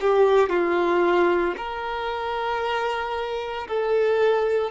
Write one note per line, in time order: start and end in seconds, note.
0.00 0.49 G4
0.49 1.55 F4
1.57 3.67 A#4
3.67 4.71 A4